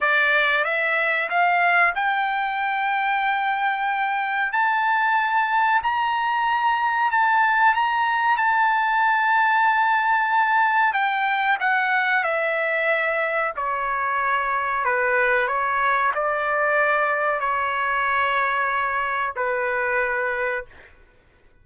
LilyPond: \new Staff \with { instrumentName = "trumpet" } { \time 4/4 \tempo 4 = 93 d''4 e''4 f''4 g''4~ | g''2. a''4~ | a''4 ais''2 a''4 | ais''4 a''2.~ |
a''4 g''4 fis''4 e''4~ | e''4 cis''2 b'4 | cis''4 d''2 cis''4~ | cis''2 b'2 | }